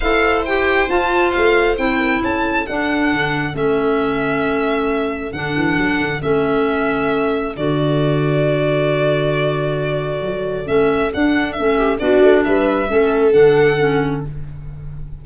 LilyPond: <<
  \new Staff \with { instrumentName = "violin" } { \time 4/4 \tempo 4 = 135 f''4 g''4 a''4 f''4 | g''4 a''4 fis''2 | e''1 | fis''2 e''2~ |
e''4 d''2.~ | d''1 | e''4 fis''4 e''4 d''4 | e''2 fis''2 | }
  \new Staff \with { instrumentName = "viola" } { \time 4/4 c''1~ | c''8 ais'8 a'2.~ | a'1~ | a'1~ |
a'1~ | a'1~ | a'2~ a'8 g'8 fis'4 | b'4 a'2. | }
  \new Staff \with { instrumentName = "clarinet" } { \time 4/4 a'4 g'4 f'2 | e'2 d'2 | cis'1 | d'2 cis'2~ |
cis'4 fis'2.~ | fis'1 | cis'4 d'4 cis'4 d'4~ | d'4 cis'4 d'4 cis'4 | }
  \new Staff \with { instrumentName = "tuba" } { \time 4/4 e'2 f'4 a4 | c'4 cis'4 d'4 d4 | a1 | d8 e8 fis8 d8 a2~ |
a4 d2.~ | d2. fis4 | a4 d'4 a4 b8 a8 | g4 a4 d2 | }
>>